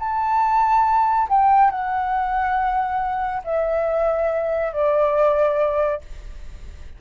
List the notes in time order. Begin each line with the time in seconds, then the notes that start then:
0.00 A5
1.29 G5
1.71 F#5
3.44 E5
4.73 D5